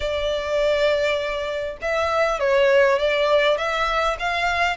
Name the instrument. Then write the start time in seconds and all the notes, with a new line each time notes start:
violin
0.00 D5
1.81 E5
2.39 C#5
2.98 D5
3.57 E5
4.19 F5